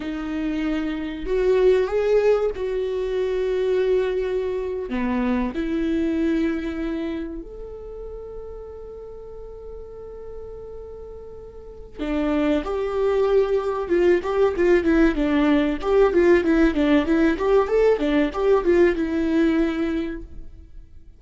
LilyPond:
\new Staff \with { instrumentName = "viola" } { \time 4/4 \tempo 4 = 95 dis'2 fis'4 gis'4 | fis'2.~ fis'8. b16~ | b8. e'2. a'16~ | a'1~ |
a'2. d'4 | g'2 f'8 g'8 f'8 e'8 | d'4 g'8 f'8 e'8 d'8 e'8 g'8 | a'8 d'8 g'8 f'8 e'2 | }